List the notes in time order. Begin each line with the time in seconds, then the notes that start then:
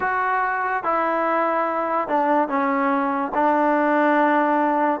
0.00 F#4
0.83 E4
2.08 D4
2.48 C#4
3.34 D4